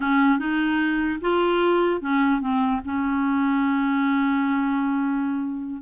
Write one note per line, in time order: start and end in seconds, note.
0.00 0.38 C#4
0.38 1.19 D#4
1.21 2.01 F4
2.01 2.41 C#4
2.41 2.81 C4
2.84 5.82 C#4